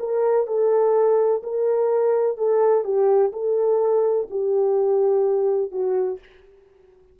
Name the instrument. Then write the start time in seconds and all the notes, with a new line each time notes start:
horn
0.00 A#4
0.48 A4
1.43 A#4
2.38 A4
2.84 G4
3.33 A4
4.31 G4
5.72 F#4